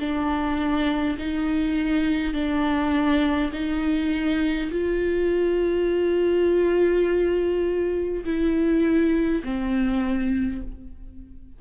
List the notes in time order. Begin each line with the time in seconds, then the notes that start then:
0.00 D4
1.19 D#4
2.34 D4
3.53 D#4
4.72 F4
8.25 E4
9.44 C4